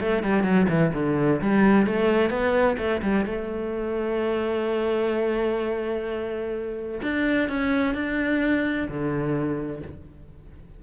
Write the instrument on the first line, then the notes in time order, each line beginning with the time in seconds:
cello
0.00 A3
0.23 G3
0.43 F#3
0.69 E3
0.94 D3
1.41 G3
1.87 A3
2.30 B3
2.78 A3
3.02 G3
3.26 A3
7.02 D4
7.49 C#4
7.94 D4
8.88 D3